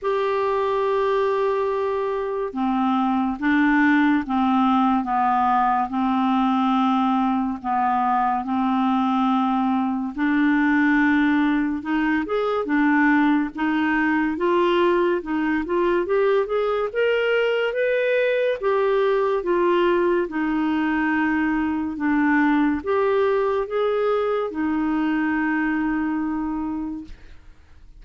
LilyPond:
\new Staff \with { instrumentName = "clarinet" } { \time 4/4 \tempo 4 = 71 g'2. c'4 | d'4 c'4 b4 c'4~ | c'4 b4 c'2 | d'2 dis'8 gis'8 d'4 |
dis'4 f'4 dis'8 f'8 g'8 gis'8 | ais'4 b'4 g'4 f'4 | dis'2 d'4 g'4 | gis'4 dis'2. | }